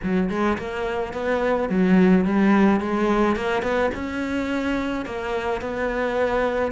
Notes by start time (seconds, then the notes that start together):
0.02 F#3
0.29 G#3
0.58 A#3
1.13 B3
1.69 F#3
2.24 G3
2.80 G#3
3.36 A#3
3.62 B3
3.94 C#4
5.05 A#3
5.61 B3